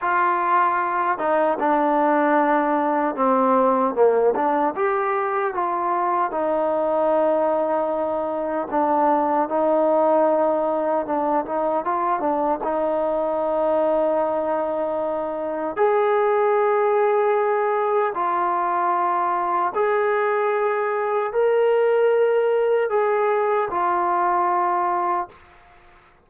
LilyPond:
\new Staff \with { instrumentName = "trombone" } { \time 4/4 \tempo 4 = 76 f'4. dis'8 d'2 | c'4 ais8 d'8 g'4 f'4 | dis'2. d'4 | dis'2 d'8 dis'8 f'8 d'8 |
dis'1 | gis'2. f'4~ | f'4 gis'2 ais'4~ | ais'4 gis'4 f'2 | }